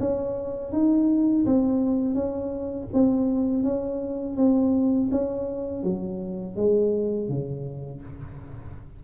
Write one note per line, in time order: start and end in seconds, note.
0.00 0.72 C#4
0.72 1.45 D#4
1.46 2.15 C4
2.15 2.88 C#4
2.93 3.64 C4
3.64 4.37 C#4
4.37 5.10 C4
5.12 5.83 C#4
5.83 6.57 F#3
6.57 7.28 G#3
7.28 8.02 C#3